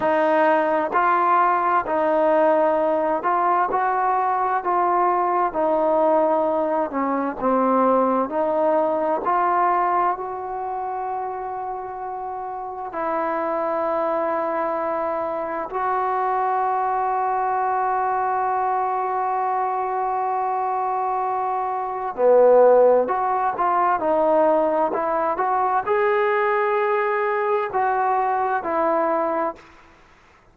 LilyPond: \new Staff \with { instrumentName = "trombone" } { \time 4/4 \tempo 4 = 65 dis'4 f'4 dis'4. f'8 | fis'4 f'4 dis'4. cis'8 | c'4 dis'4 f'4 fis'4~ | fis'2 e'2~ |
e'4 fis'2.~ | fis'1 | b4 fis'8 f'8 dis'4 e'8 fis'8 | gis'2 fis'4 e'4 | }